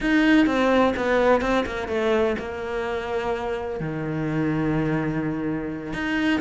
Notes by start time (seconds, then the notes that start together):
0.00 D#4
0.46 C4
0.96 B3
1.41 C4
1.66 A#3
1.88 A3
2.39 A#3
3.80 D#3
5.93 D#4